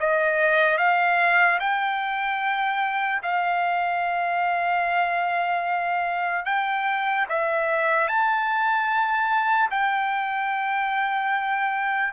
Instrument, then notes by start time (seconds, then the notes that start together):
trumpet
0.00 D#5
0.78 F5
1.60 G5
3.23 F5
6.46 G5
7.29 E5
8.08 A5
9.71 G5